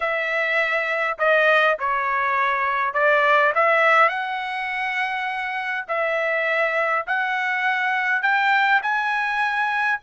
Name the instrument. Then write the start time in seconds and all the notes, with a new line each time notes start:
trumpet
0.00 E5
1.18 D#5
1.79 C#5
2.93 D5
3.54 E5
4.08 F#5
5.88 E5
7.06 F#5
8.22 G5
8.82 G#5